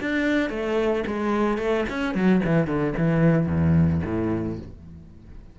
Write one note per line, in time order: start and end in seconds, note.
0.00 0.50 D4
0.50 1.04 A3
1.06 1.57 G#3
1.57 1.85 A3
1.89 2.14 C#4
2.14 2.41 F#3
2.44 2.67 E3
2.67 2.94 D3
2.97 3.46 E3
3.46 4.00 E2
4.04 4.58 A2